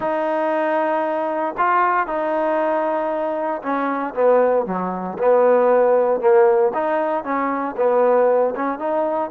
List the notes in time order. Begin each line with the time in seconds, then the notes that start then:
0.00 D#4
1.57 F4
2.06 D#4
3.62 C#4
4.14 B3
4.66 F#3
5.18 B3
6.20 A#3
6.74 D#4
7.23 C#4
7.77 B3
8.55 C#4
8.78 D#4